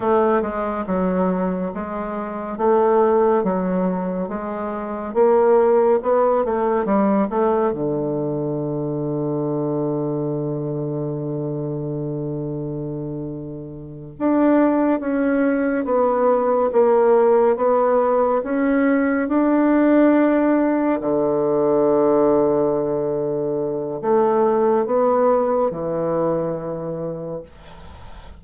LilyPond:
\new Staff \with { instrumentName = "bassoon" } { \time 4/4 \tempo 4 = 70 a8 gis8 fis4 gis4 a4 | fis4 gis4 ais4 b8 a8 | g8 a8 d2.~ | d1~ |
d8 d'4 cis'4 b4 ais8~ | ais8 b4 cis'4 d'4.~ | d'8 d2.~ d8 | a4 b4 e2 | }